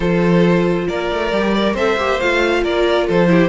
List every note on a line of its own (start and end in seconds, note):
0.00 0.87 F3
0.00 1.29 F4
0.00 0.86 A4
0.00 0.87 C5
0.87 1.11 A#3
0.87 1.54 A#4
0.87 1.75 D5
1.12 1.31 A3
1.31 1.74 G3
1.31 1.53 G4
1.55 1.77 A#4
1.55 1.74 D5
1.74 1.96 C4
1.74 1.98 A4
1.74 2.61 C5
1.74 2.19 E5
1.96 2.18 A#3
1.96 2.20 G4
2.19 2.64 A3
2.19 3.28 F4
2.19 2.63 F5
2.63 3.08 A#3
2.63 3.06 A#4
2.63 3.07 D5
3.06 3.49 F3
3.06 3.28 A4
3.06 3.49 C5
3.28 3.49 E4
3.28 3.49 G4